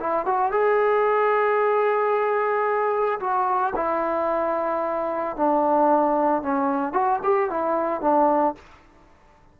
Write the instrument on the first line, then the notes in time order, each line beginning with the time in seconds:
trombone
0.00 E4
0.26 F#4
0.52 G#4
3.20 F#4
3.75 E4
5.36 D4
6.42 C#4
6.93 F#4
7.23 G4
7.50 E4
8.01 D4